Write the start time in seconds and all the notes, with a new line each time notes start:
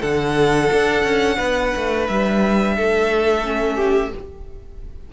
0.00 D3 D4 A4 F#5
0.71 D4
1.03 C#4
1.37 B3 B4
1.76 A3
2.07 G3 E5
2.76 A3 A4
3.42 C#4
3.75 G4